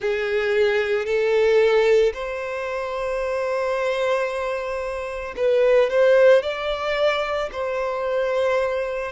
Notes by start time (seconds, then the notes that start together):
0.00 G#4
1.05 A4
2.13 C5
5.36 B4
5.89 C5
6.42 D5
7.51 C5